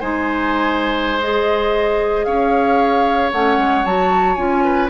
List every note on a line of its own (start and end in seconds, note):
0.00 2.26 G#3
0.00 1.21 D#4
0.00 2.26 C5
0.00 1.19 G#5
1.20 3.33 G#4
1.20 2.25 D#5
2.25 3.33 C#4
2.25 4.64 C#5
2.25 3.31 F5
3.32 3.57 A3
3.32 3.85 C#4
3.32 3.85 F#5
3.57 3.84 G#3
3.85 4.37 F#3
3.85 4.36 F#4
3.85 4.35 A5
4.35 4.90 C#4
4.35 4.89 F4
4.35 4.88 G#5
4.64 4.90 B4